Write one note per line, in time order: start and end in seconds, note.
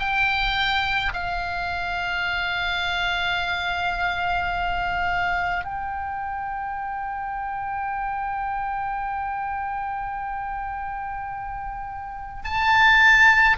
0.00 1.13 G5
1.14 5.64 F5
5.64 12.44 G5
12.44 13.57 A5